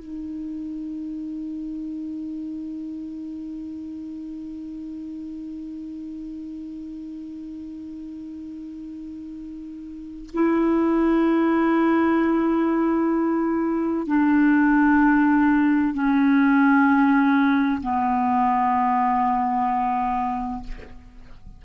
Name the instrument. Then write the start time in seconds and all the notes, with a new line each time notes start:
clarinet
0.00 D#4
10.34 E4
14.07 D4
15.94 C#4
17.83 B3